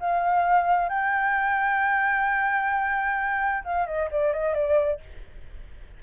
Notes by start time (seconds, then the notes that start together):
0.00 F5
0.89 G5
3.65 F5
3.87 D#5
4.11 D5
4.33 D#5
4.55 D5